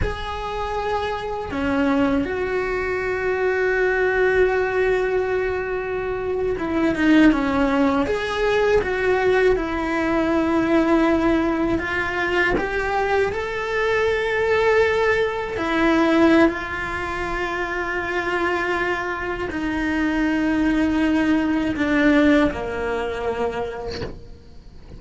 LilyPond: \new Staff \with { instrumentName = "cello" } { \time 4/4 \tempo 4 = 80 gis'2 cis'4 fis'4~ | fis'1~ | fis'8. e'8 dis'8 cis'4 gis'4 fis'16~ | fis'8. e'2. f'16~ |
f'8. g'4 a'2~ a'16~ | a'8. e'4~ e'16 f'2~ | f'2 dis'2~ | dis'4 d'4 ais2 | }